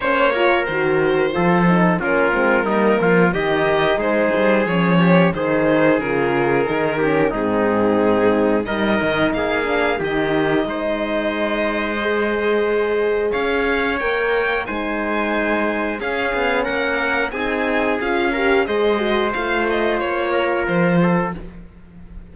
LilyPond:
<<
  \new Staff \with { instrumentName = "violin" } { \time 4/4 \tempo 4 = 90 cis''4 c''2 ais'4~ | ais'4 dis''4 c''4 cis''4 | c''4 ais'2 gis'4~ | gis'4 dis''4 f''4 dis''4~ |
dis''1 | f''4 g''4 gis''2 | f''4 fis''4 gis''4 f''4 | dis''4 f''8 dis''8 cis''4 c''4 | }
  \new Staff \with { instrumentName = "trumpet" } { \time 4/4 c''8 ais'4. a'4 f'4 | dis'8 f'8 g'4 gis'4. g'8 | gis'2~ gis'8 g'8 dis'4~ | dis'4 ais'4 gis'4 g'4 |
c''1 | cis''2 c''2 | gis'4 ais'4 gis'4. ais'8 | c''2~ c''8 ais'4 a'8 | }
  \new Staff \with { instrumentName = "horn" } { \time 4/4 cis'8 f'8 fis'4 f'8 dis'8 cis'8 c'8 | ais4 dis'2 cis'4 | dis'4 f'4 dis'8 cis'8 c'4~ | c'4 dis'4. d'8 dis'4~ |
dis'2 gis'2~ | gis'4 ais'4 dis'2 | cis'2 dis'4 f'8 g'8 | gis'8 fis'8 f'2. | }
  \new Staff \with { instrumentName = "cello" } { \time 4/4 ais4 dis4 f4 ais8 gis8 | g8 f8 dis4 gis8 g8 f4 | dis4 cis4 dis4 gis,4~ | gis,4 g8 dis8 ais4 dis4 |
gis1 | cis'4 ais4 gis2 | cis'8 b8 ais4 c'4 cis'4 | gis4 a4 ais4 f4 | }
>>